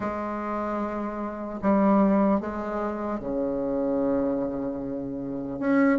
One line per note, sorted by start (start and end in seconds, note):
0.00 1.60 G#3
1.62 2.40 G3
2.40 3.19 G#3
3.19 5.59 C#3
5.59 5.98 C#4